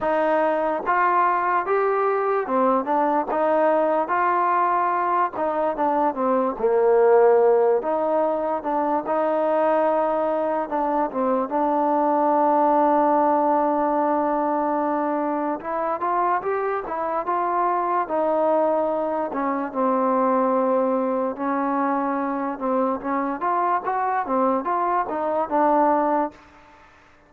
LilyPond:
\new Staff \with { instrumentName = "trombone" } { \time 4/4 \tempo 4 = 73 dis'4 f'4 g'4 c'8 d'8 | dis'4 f'4. dis'8 d'8 c'8 | ais4. dis'4 d'8 dis'4~ | dis'4 d'8 c'8 d'2~ |
d'2. e'8 f'8 | g'8 e'8 f'4 dis'4. cis'8 | c'2 cis'4. c'8 | cis'8 f'8 fis'8 c'8 f'8 dis'8 d'4 | }